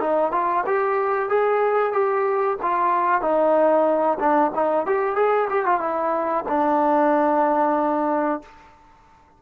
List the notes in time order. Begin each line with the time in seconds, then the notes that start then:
0.00 D#4
0.31 F4
0.66 G4
1.29 G#4
1.92 G4
2.62 F4
3.21 D#4
4.19 D4
4.54 D#4
4.86 G4
5.16 G#4
5.49 G4
5.65 F4
5.80 E4
6.48 D4